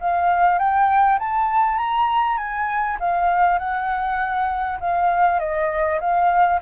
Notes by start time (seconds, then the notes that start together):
0.00 F5
0.58 G5
1.19 A5
1.77 A#5
2.37 G#5
3.00 F5
3.58 F#5
4.80 F5
5.39 D#5
6.00 F5